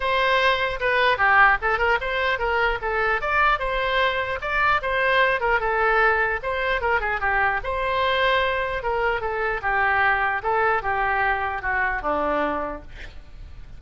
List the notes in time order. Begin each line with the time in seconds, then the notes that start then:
0.00 C5
0.80 B4
1.17 G4
1.61 A4
1.78 A#4
2.01 C5
2.39 A#4
2.81 A4
3.21 D5
3.59 C5
4.41 D5
4.82 C5
5.40 A#4
5.60 A4
6.42 C5
6.81 A#4
7.00 G#4
7.20 G4
7.63 C5
8.82 A#4
9.21 A4
9.62 G4
10.43 A4
10.82 G4
11.61 F#4
12.01 D4